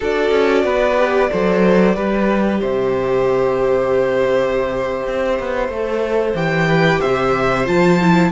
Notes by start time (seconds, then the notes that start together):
0.00 D4 F#4 A4 D5
0.31 C#4
0.64 B3 B4
0.97 G4
1.31 F#3 A4 C5
1.95 G3 G4 B4
2.60 C3 C5 E5
5.07 C4
5.39 B3
5.68 A3 A4
6.34 E3 G4 G5
6.67 B4
7.00 C3 C5 E5
7.65 F3 F4 A5
8.00 E4